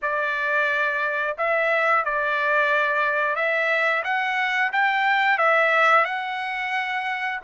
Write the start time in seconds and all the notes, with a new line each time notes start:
0.02 D5
1.37 E5
2.04 D5
3.35 E5
4.04 F#5
4.72 G5
5.38 E5
6.05 F#5